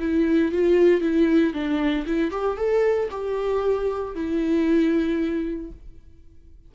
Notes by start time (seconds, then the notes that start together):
0.00 E4
0.52 F4
1.01 E4
1.53 D4
2.06 E4
2.31 G4
2.57 A4
3.11 G4
4.15 E4